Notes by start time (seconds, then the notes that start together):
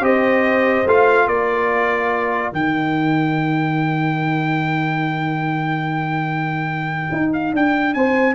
0.00 C4 G4 C5 D#5
0.86 A3 F4 F5
1.27 A#3 A#4 D5
2.52 D#3 D#4 G5
7.12 D#4
7.33 F5
7.53 D4 G5
7.94 C4 C5 G#5